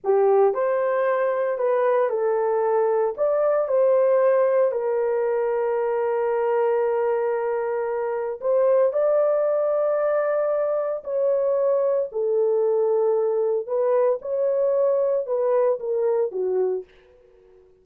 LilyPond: \new Staff \with { instrumentName = "horn" } { \time 4/4 \tempo 4 = 114 g'4 c''2 b'4 | a'2 d''4 c''4~ | c''4 ais'2.~ | ais'1 |
c''4 d''2.~ | d''4 cis''2 a'4~ | a'2 b'4 cis''4~ | cis''4 b'4 ais'4 fis'4 | }